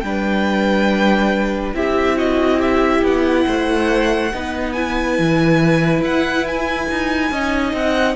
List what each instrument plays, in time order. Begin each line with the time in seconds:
0.00 cello G3, viola D4, violin B4 G5
1.74 cello C4, viola E4, violin G4 E5
2.18 violin F#4 D#5
2.59 violin G4 E5
3.02 cello B3, violin F#5
3.46 cello A3, violin C5
4.34 cello B3, viola D#4, violin B4
4.73 viola E4, violin G#5
5.18 cello E3
6.01 cello E4, violin F#5
6.47 violin G#5
6.91 cello D#4
7.31 cello C#4, viola D#4, violin D#5
7.73 cello C4, violin F#5